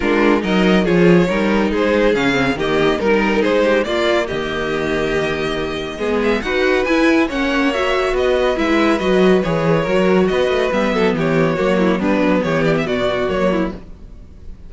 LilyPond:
<<
  \new Staff \with { instrumentName = "violin" } { \time 4/4 \tempo 4 = 140 ais'4 dis''4 cis''2 | c''4 f''4 dis''4 ais'4 | c''4 d''4 dis''2~ | dis''2~ dis''8 e''8 fis''4 |
gis''4 fis''4 e''4 dis''4 | e''4 dis''4 cis''2 | dis''4 e''4 cis''2 | b'4 cis''8 d''16 e''16 d''4 cis''4 | }
  \new Staff \with { instrumentName = "violin" } { \time 4/4 f'4 ais'4 gis'4 ais'4 | gis'2 g'4 ais'4 | gis'8 g'8 f'4 g'2~ | g'2 gis'4 b'4~ |
b'4 cis''2 b'4~ | b'2. ais'4 | b'4. a'8 g'4 fis'8 e'8 | d'4 g'4 fis'4. e'8 | }
  \new Staff \with { instrumentName = "viola" } { \time 4/4 d'4 dis'4 f'4 dis'4~ | dis'4 cis'8 c'8 ais4 dis'4~ | dis'4 ais2.~ | ais2 b4 fis'4 |
e'4 cis'4 fis'2 | e'4 fis'4 gis'4 fis'4~ | fis'4 b2 ais4 | b2. ais4 | }
  \new Staff \with { instrumentName = "cello" } { \time 4/4 gis4 fis4 f4 g4 | gis4 cis4 dis4 g4 | gis4 ais4 dis2~ | dis2 gis4 dis'4 |
e'4 ais2 b4 | gis4 fis4 e4 fis4 | b8 a8 g8 fis8 e4 fis4 | g8 fis8 e4 b,4 fis4 | }
>>